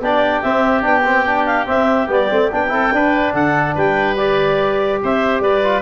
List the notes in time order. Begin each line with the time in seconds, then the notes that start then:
0.00 B3 D4 G4 D5
0.42 C4 E5
0.81 B3 D4 G5
1.05 C4
1.26 D4
1.45 F5
1.65 C4 E5
2.08 G3 B3 D5
2.30 A3 C4
2.51 B3 D4 G5
2.68 C4 E4 A4
2.92 D4 B4
3.33 D3 A4 F#5
3.75 G3 B4 G5
4.17 G4 D5
5.03 C4 C5 E5
5.40 G3 B4 D5
5.63 F4